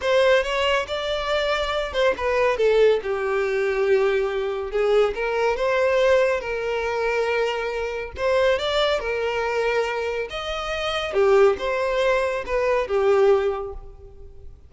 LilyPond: \new Staff \with { instrumentName = "violin" } { \time 4/4 \tempo 4 = 140 c''4 cis''4 d''2~ | d''8 c''8 b'4 a'4 g'4~ | g'2. gis'4 | ais'4 c''2 ais'4~ |
ais'2. c''4 | d''4 ais'2. | dis''2 g'4 c''4~ | c''4 b'4 g'2 | }